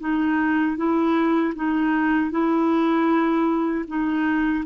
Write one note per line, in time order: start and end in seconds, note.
0.00 0.77 D#4
0.77 1.53 E4
1.55 2.31 D#4
2.31 3.85 E4
3.87 4.64 D#4